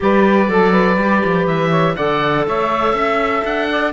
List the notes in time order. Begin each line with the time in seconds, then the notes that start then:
0.00 G3 G4 B4 D5
0.47 F#3 A4
0.71 B4
0.97 G3 G4
1.24 F3
1.46 E3 E5
1.69 C#5
1.96 D3 A4 D5 F#5
2.46 A3 C#5 E5
2.93 C#4 E5
3.44 D4 F#5
3.70 D5